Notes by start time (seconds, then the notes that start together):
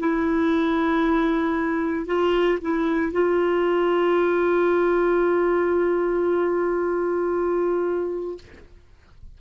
0.00 E4
2.06 F4
2.62 E4
3.12 F4